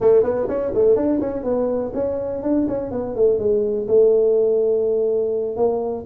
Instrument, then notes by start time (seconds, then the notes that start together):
tuba
0.00 A3
0.23 B3
0.48 C#4
0.74 A3
0.95 D4
1.20 C#4
1.43 B3
1.94 C#4
2.42 D4
2.68 C#4
2.91 B3
3.15 A3
3.38 G#3
3.87 A3
5.56 A#3